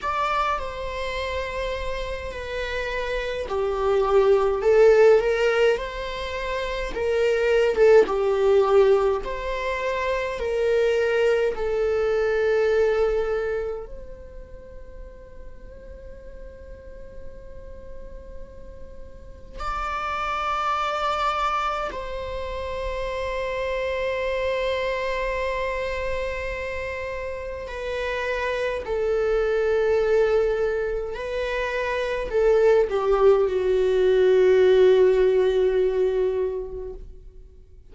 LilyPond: \new Staff \with { instrumentName = "viola" } { \time 4/4 \tempo 4 = 52 d''8 c''4. b'4 g'4 | a'8 ais'8 c''4 ais'8. a'16 g'4 | c''4 ais'4 a'2 | c''1~ |
c''4 d''2 c''4~ | c''1 | b'4 a'2 b'4 | a'8 g'8 fis'2. | }